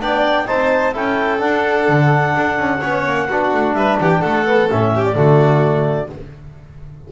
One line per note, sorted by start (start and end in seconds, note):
0.00 0.47 B3
0.00 0.47 D4
0.00 0.47 D5
0.00 0.47 G5
0.47 0.96 C4
0.47 0.94 D#4
0.47 0.94 C5
0.47 0.94 A5
0.94 1.43 C#4
0.94 1.39 E4
0.94 2.81 A4
0.94 1.41 G5
1.39 2.80 D4
1.39 1.89 D4
1.39 3.74 F#5
1.89 2.36 D3
2.37 2.58 D4
2.58 2.82 C#4
2.81 3.07 B3
2.81 3.30 C#4
2.81 3.28 C#5
3.07 3.30 A#3
3.30 3.54 B3
3.30 4.46 D4
3.30 3.77 F#4
3.54 3.73 A3
3.73 3.97 G3
3.73 4.00 B4
3.73 3.97 E5
4.00 4.24 E3
4.00 4.21 G4
4.00 4.11 F#5
4.11 4.22 G5
4.21 4.71 A3
4.21 4.92 A4
4.21 4.69 F#5
4.46 4.69 B3
4.71 5.16 A2
4.71 5.14 C#4
4.71 5.05 E5
4.95 5.18 G4
5.05 6.10 D5
5.14 6.10 D3
5.14 6.08 A3
5.14 6.12 F#4